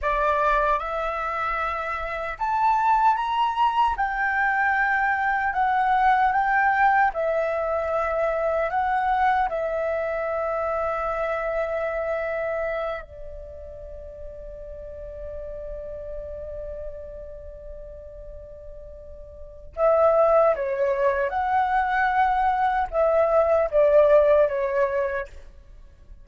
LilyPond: \new Staff \with { instrumentName = "flute" } { \time 4/4 \tempo 4 = 76 d''4 e''2 a''4 | ais''4 g''2 fis''4 | g''4 e''2 fis''4 | e''1~ |
e''8 d''2.~ d''8~ | d''1~ | d''4 e''4 cis''4 fis''4~ | fis''4 e''4 d''4 cis''4 | }